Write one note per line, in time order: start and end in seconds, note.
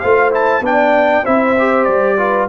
0.00 0.61 A3
0.00 0.31 F4
0.00 0.63 C5
0.00 0.31 F5
0.31 0.62 E4
0.31 0.65 A5
0.61 1.22 B3
0.61 1.24 D4
0.61 1.24 D5
0.61 1.26 G5
1.24 1.88 C4
1.24 1.57 E4
1.24 2.17 C5
1.24 1.84 E5
1.59 2.18 G4
1.84 2.49 G3
1.84 2.46 D5
2.18 2.49 F4
2.18 2.49 B4